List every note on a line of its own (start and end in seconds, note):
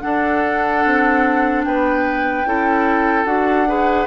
0.00 2.44 D4
0.00 0.85 D4
0.00 1.65 A4
0.00 1.62 F#5
0.85 1.66 C4
1.64 2.45 B3
1.64 2.48 B4
1.64 3.25 G5
2.45 3.25 C#4
2.45 3.26 E4
2.45 3.68 A4
3.25 4.06 D4
3.25 3.66 F#4
3.25 4.06 F#5
3.67 4.07 G#4
3.67 4.07 B4